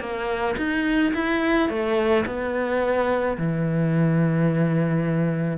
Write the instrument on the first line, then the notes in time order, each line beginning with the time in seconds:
cello
0.00 A#3
0.57 D#4
1.14 E4
1.69 A3
2.26 B3
3.38 E3